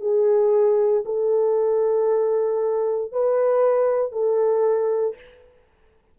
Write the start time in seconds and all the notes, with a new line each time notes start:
0.00 G#4
1.05 A4
3.12 B4
4.12 A4